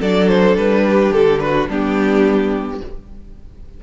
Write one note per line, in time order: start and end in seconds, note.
0.00 0.56 F#3
0.00 1.70 D4
0.00 0.84 A4
0.00 0.28 D5
0.28 0.56 C5
0.56 1.11 G3
0.56 1.12 B4
0.88 1.44 G4
1.11 1.67 D3
1.11 1.40 A4
1.40 1.68 F#4
1.40 1.68 B4
1.68 2.80 G3
1.68 2.82 B3
1.68 2.80 D4
1.68 2.83 G4